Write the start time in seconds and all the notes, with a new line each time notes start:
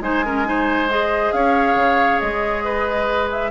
0.00 G#3 D#4 C5 G#5
0.25 C#4 A#4
0.44 D#4 C5
0.90 G#4 D#5
1.32 C#4 C#5 F5
1.75 C#3
2.20 G#3 D#5
2.64 B4
3.31 E5